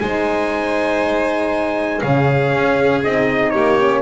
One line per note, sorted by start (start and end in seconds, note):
0.00 2.02 G#3
0.00 2.02 D#4
0.00 2.01 C5
0.00 2.02 G#5
2.01 2.54 C#3
2.01 3.03 C#4
2.01 3.53 G#4
2.01 3.02 F5
2.54 3.04 C#4
3.04 3.55 C4
3.04 3.80 D#4
3.04 3.50 D#5
3.50 4.02 A#3
3.50 4.02 G4
3.50 4.01 C#5
3.80 4.02 C#4